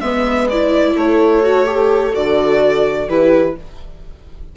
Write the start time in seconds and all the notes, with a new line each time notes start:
0.00 G#3 B3 B4 E5
0.49 E4 D5
0.96 A3 A4 C#5
1.43 F#4
1.65 G4
2.14 D3 F#4 D5
3.08 E3 E4 G4 B4